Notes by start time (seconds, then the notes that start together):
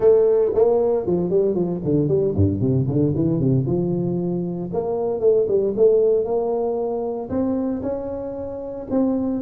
0.00 A3
0.54 A#3
1.06 F3
1.30 G3
1.54 F3
1.84 D3
2.08 G3
2.35 G2
2.60 C3
2.87 D3
3.15 E3
3.39 C3
3.65 F3
4.72 A#3
5.20 A3
5.48 G3
5.76 A3
6.25 A#3
7.29 C4
7.82 C#4
8.90 C4